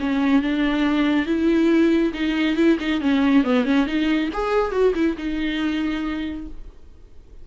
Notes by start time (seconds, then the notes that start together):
0.00 C#4
0.42 D4
1.26 E4
2.13 D#4
2.56 E4
2.80 D#4
3.01 C#4
3.44 B3
3.65 C#4
3.86 D#4
4.33 G#4
4.71 F#4
4.94 E4
5.17 D#4